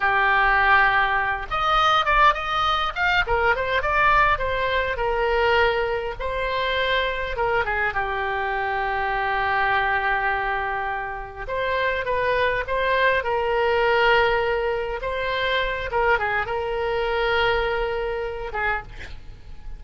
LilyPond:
\new Staff \with { instrumentName = "oboe" } { \time 4/4 \tempo 4 = 102 g'2~ g'8 dis''4 d''8 | dis''4 f''8 ais'8 c''8 d''4 c''8~ | c''8 ais'2 c''4.~ | c''8 ais'8 gis'8 g'2~ g'8~ |
g'2.~ g'8 c''8~ | c''8 b'4 c''4 ais'4.~ | ais'4. c''4. ais'8 gis'8 | ais'2.~ ais'8 gis'8 | }